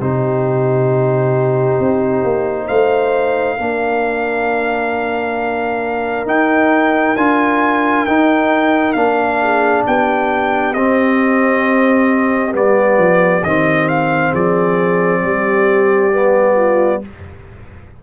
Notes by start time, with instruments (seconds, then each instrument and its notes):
0.00 tuba C3, trombone D#4, horn G4, trumpet C5
1.79 tuba C4
2.24 tuba A#3
2.67 tuba A3, horn C5, trumpet F5
3.57 tuba A#3, trombone D4, horn A#4
6.26 tuba D#4, trombone D#4, trumpet G5
7.16 tuba D4, trombone F4, trumpet G#5
8.06 tuba D#4, trombone D#4, trumpet G5
8.93 tuba A#3, trombone D4, trumpet F5
9.42 horn G#4
9.85 tuba B3, horn G4, trumpet G5
10.73 tuba C4, trombone C4, trumpet D#5
12.52 tuba G3, trombone B3, trumpet D5
12.98 tuba F3
13.43 tuba D#3, trombone C4, trumpet D#5
13.88 trumpet F5
14.31 tuba F3, horn G#4, trumpet D5
15.21 tuba G3, horn G4
16.12 trombone B3
16.56 horn F4